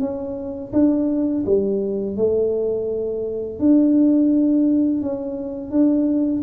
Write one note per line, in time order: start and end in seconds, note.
0.00 0.71 C#4
0.73 1.44 D4
1.46 2.16 G3
2.16 3.59 A3
3.59 5.02 D4
5.02 5.70 C#4
5.70 6.42 D4